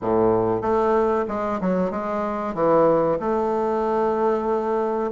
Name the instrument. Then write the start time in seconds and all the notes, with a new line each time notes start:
bassoon
0.01 A2
0.61 A3
1.28 G#3
1.60 F#3
1.90 G#3
2.54 E3
3.19 A3